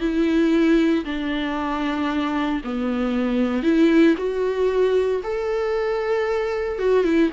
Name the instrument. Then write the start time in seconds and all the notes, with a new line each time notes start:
viola
0.00 E4
1.05 D4
2.64 B3
3.63 E4
4.17 F#4
5.23 A4
6.79 F#4
7.04 E4